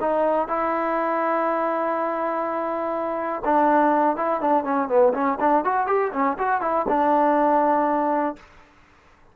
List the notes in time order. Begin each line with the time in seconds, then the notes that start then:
0.00 D#4
0.48 E4
3.44 D4
4.16 E4
4.40 D4
4.64 C#4
4.88 B3
5.13 C#4
5.40 D4
5.64 F#4
5.87 G4
6.12 C#4
6.38 F#4
6.61 E4
6.88 D4